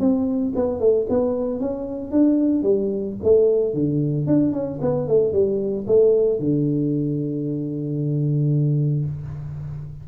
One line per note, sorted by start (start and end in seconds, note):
0.00 0.53 C4
0.56 0.80 B3
0.80 1.07 A3
1.10 1.61 B3
1.61 2.12 C#4
2.12 2.63 D4
2.63 3.16 G3
3.24 3.74 A3
3.74 4.27 D3
4.27 4.53 D4
4.53 4.80 C#4
4.82 5.08 B3
5.08 5.33 A3
5.33 5.86 G3
5.87 6.40 A3
6.40 9.05 D3